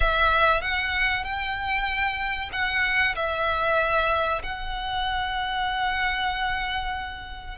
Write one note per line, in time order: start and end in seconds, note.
0.00 0.61 E5
0.61 1.23 F#5
1.23 2.50 G5
2.52 3.15 F#5
3.16 4.42 E5
4.42 7.57 F#5